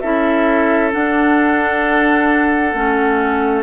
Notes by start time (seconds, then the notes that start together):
0.00 C#4 E4 A4 E5
0.91 D4 F#5
2.74 A3 C#4